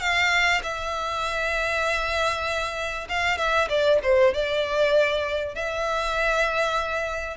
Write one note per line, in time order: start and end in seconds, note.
0.00 0.61 F5
0.63 3.08 E5
3.09 3.37 F5
3.37 3.68 E5
3.68 3.99 D5
4.03 4.33 C5
4.34 5.55 D5
5.55 7.37 E5